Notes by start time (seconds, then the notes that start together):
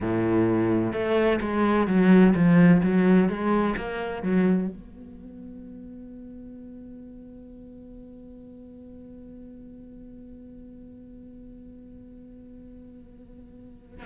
0.00 A2
0.92 A3
1.40 G#3
1.87 F#3
2.35 F3
2.82 F#3
3.29 G#3
3.77 A#3
4.22 F#3
4.68 B3